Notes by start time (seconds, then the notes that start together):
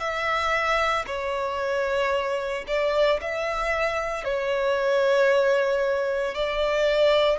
0.00 E5
1.07 C#5
2.68 D5
3.22 E5
4.24 C#5
6.35 D5